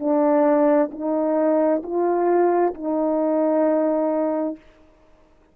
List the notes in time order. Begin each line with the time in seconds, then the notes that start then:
0.00 D4
0.92 D#4
1.83 F4
2.75 D#4